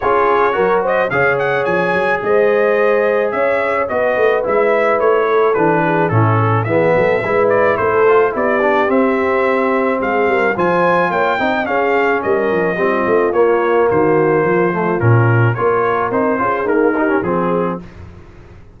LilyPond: <<
  \new Staff \with { instrumentName = "trumpet" } { \time 4/4 \tempo 4 = 108 cis''4. dis''8 f''8 fis''8 gis''4 | dis''2 e''4 dis''4 | e''4 cis''4 b'4 a'4 | e''4. d''8 c''4 d''4 |
e''2 f''4 gis''4 | g''4 f''4 dis''2 | cis''4 c''2 ais'4 | cis''4 c''4 ais'4 gis'4 | }
  \new Staff \with { instrumentName = "horn" } { \time 4/4 gis'4 ais'8 c''8 cis''2 | c''2 cis''4 b'4~ | b'4. a'4 gis'8 e'8 a'8 | gis'8 a'8 b'4 a'4 g'4~ |
g'2 gis'8 ais'8 c''4 | cis''8 dis''8 gis'4 ais'4 f'4~ | f'4 fis'4 f'2 | ais'4. gis'4 g'8 gis'4 | }
  \new Staff \with { instrumentName = "trombone" } { \time 4/4 f'4 fis'4 gis'2~ | gis'2. fis'4 | e'2 d'4 cis'4 | b4 e'4. f'8 e'8 d'8 |
c'2. f'4~ | f'8 dis'8 cis'2 c'4 | ais2~ ais8 a8 cis'4 | f'4 dis'8 f'8 ais8 dis'16 cis'16 c'4 | }
  \new Staff \with { instrumentName = "tuba" } { \time 4/4 cis'4 fis4 cis4 f8 fis8 | gis2 cis'4 b8 a8 | gis4 a4 e4 a,4 | e8 fis8 gis4 a4 b4 |
c'2 gis8 g8 f4 | ais8 c'8 cis'4 g8 f8 g8 a8 | ais4 dis4 f4 ais,4 | ais4 c'8 cis'8 dis'4 f4 | }
>>